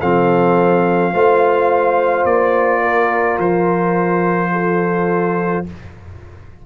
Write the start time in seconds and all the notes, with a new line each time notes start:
0.00 F3 C4 A4 F5
1.13 A3 F4 C5
2.25 A#3 D5
2.81 A#4
3.38 F3 C5
4.52 A4